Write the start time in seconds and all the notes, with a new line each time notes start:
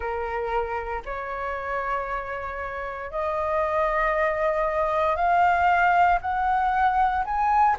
0.00 A#4
1.05 C#5
3.10 D#5
5.15 F5
6.21 F#5
7.24 G#5